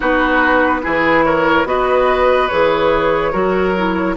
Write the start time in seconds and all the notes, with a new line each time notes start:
0.00 B3 D#4 F#4 B4
0.82 E3 E4 G#4
1.24 A#4 C#5
1.65 B3 F#4 B4 D#5
2.48 E3 G#4 C#5
3.32 F#3 F#4 A#4
3.76 E4